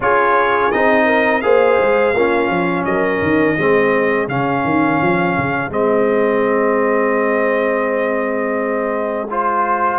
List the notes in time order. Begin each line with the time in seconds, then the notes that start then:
0.00 C#4 F4 G#4 C#5
0.71 C4 D#4 D#5
1.05 A#4
1.41 A#3 G#4 C5 F5
1.80 G#3
2.14 A#3 C#4 F4
2.49 F3
2.84 F#3 A#4 D#5
3.21 D#3
3.58 G#3 C4 G#4
4.28 C#3 C#4 F5
4.64 D#3
5.01 F3
5.37 C#3
5.69 G#3 C4 D#5
9.30 F4 C5